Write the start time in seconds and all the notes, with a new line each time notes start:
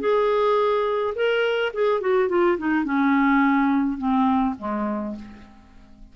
0.00 G#4
1.15 A#4
1.74 G#4
2.01 F#4
2.29 F4
2.58 D#4
2.85 C#4
3.98 C4
4.58 G#3